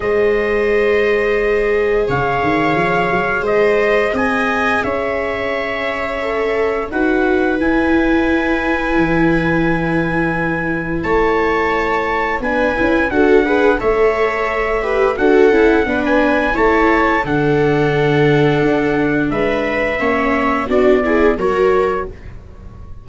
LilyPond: <<
  \new Staff \with { instrumentName = "trumpet" } { \time 4/4 \tempo 4 = 87 dis''2. f''4~ | f''4 dis''4 gis''4 e''4~ | e''2 fis''4 gis''4~ | gis''1 |
a''2 gis''4 fis''4 | e''2 fis''4~ fis''16 gis''8. | a''4 fis''2. | e''2 d''4 cis''4 | }
  \new Staff \with { instrumentName = "viola" } { \time 4/4 c''2. cis''4~ | cis''4 c''4 dis''4 cis''4~ | cis''2 b'2~ | b'1 |
cis''2 b'4 a'8 b'8 | cis''4. b'8 a'4 b'4 | cis''4 a'2. | b'4 cis''4 fis'8 gis'8 ais'4 | }
  \new Staff \with { instrumentName = "viola" } { \time 4/4 gis'1~ | gis'1~ | gis'4 a'4 fis'4 e'4~ | e'1~ |
e'2 d'8 e'8 fis'8 gis'8 | a'4. g'8 fis'8 e'8 d'4 | e'4 d'2.~ | d'4 cis'4 d'8 e'8 fis'4 | }
  \new Staff \with { instrumentName = "tuba" } { \time 4/4 gis2. cis8 dis8 | f8 fis8 gis4 c'4 cis'4~ | cis'2 dis'4 e'4~ | e'4 e2. |
a2 b8 cis'8 d'4 | a2 d'8 cis'8 b4 | a4 d2 d'4 | gis4 ais4 b4 fis4 | }
>>